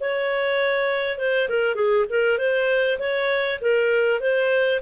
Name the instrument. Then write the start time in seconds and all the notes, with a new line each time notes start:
clarinet
0.00 C#5
1.18 C5
1.49 A#4
1.75 G#4
2.09 A#4
2.38 C5
2.99 C#5
3.61 A#4
4.20 C5